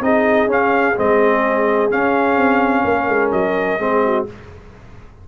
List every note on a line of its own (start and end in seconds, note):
0.00 0.46 C4
0.00 0.48 D#4
0.00 2.87 G#4
0.00 0.49 D#5
0.46 0.94 C#4
0.46 0.95 C#4
0.46 0.98 F5
0.96 1.90 G#3
0.96 1.90 C4
0.96 1.91 D#5
1.90 2.36 C#4
1.90 3.79 C#4
1.90 3.31 F5
2.36 2.83 C4
2.84 3.07 A#3
2.84 3.81 A#4
3.07 3.31 G#3
3.31 3.78 F#3
3.31 4.25 D#5
3.78 4.25 G#3
3.78 4.26 C4
3.78 4.04 G#4
4.04 4.28 F#4